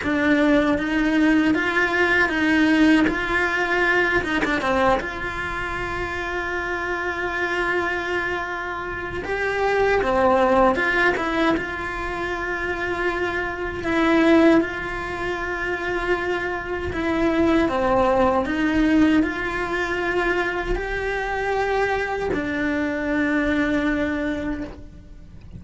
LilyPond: \new Staff \with { instrumentName = "cello" } { \time 4/4 \tempo 4 = 78 d'4 dis'4 f'4 dis'4 | f'4. dis'16 d'16 c'8 f'4.~ | f'1 | g'4 c'4 f'8 e'8 f'4~ |
f'2 e'4 f'4~ | f'2 e'4 c'4 | dis'4 f'2 g'4~ | g'4 d'2. | }